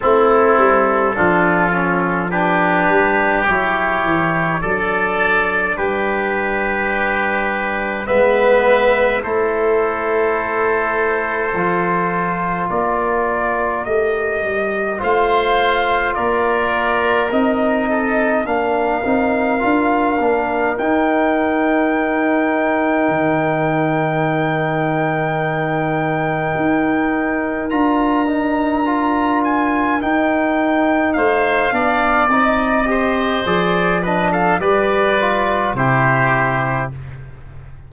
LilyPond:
<<
  \new Staff \with { instrumentName = "trumpet" } { \time 4/4 \tempo 4 = 52 a'2 b'4 cis''4 | d''4 b'2 e''4 | c''2. d''4 | dis''4 f''4 d''4 dis''4 |
f''2 g''2~ | g''1 | ais''4. gis''8 g''4 f''4 | dis''4 d''8 dis''16 f''16 d''4 c''4 | }
  \new Staff \with { instrumentName = "oboe" } { \time 4/4 e'4 f'4 g'2 | a'4 g'2 b'4 | a'2. ais'4~ | ais'4 c''4 ais'4. a'8 |
ais'1~ | ais'1~ | ais'2. c''8 d''8~ | d''8 c''4 b'16 a'16 b'4 g'4 | }
  \new Staff \with { instrumentName = "trombone" } { \time 4/4 c'4 d'8 cis'8 d'4 e'4 | d'2. b4 | e'2 f'2 | g'4 f'2 dis'4 |
d'8 dis'8 f'8 d'8 dis'2~ | dis'1 | f'8 dis'8 f'4 dis'4. d'8 | dis'8 g'8 gis'8 d'8 g'8 f'8 e'4 | }
  \new Staff \with { instrumentName = "tuba" } { \time 4/4 a8 g8 f4. g8 fis8 e8 | fis4 g2 gis4 | a2 f4 ais4 | a8 g8 a4 ais4 c'4 |
ais8 c'8 d'8 ais8 dis'2 | dis2. dis'4 | d'2 dis'4 a8 b8 | c'4 f4 g4 c4 | }
>>